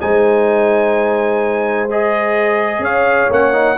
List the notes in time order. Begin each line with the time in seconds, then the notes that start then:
0.00 G#3 D#4 C5 G#5
1.91 G#4 D#5
2.79 C#4 C#5 F5
3.30 A#3 C#4 F#5
3.53 D#4